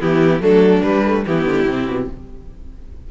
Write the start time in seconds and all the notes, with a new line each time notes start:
0.00 E3 B3 E4 G4
0.40 F#3 A3 D4 A4
0.82 G3 B4
1.05 A3
1.26 E3 B3 E4 G4
1.45 D3
1.66 C3 C4
1.87 B2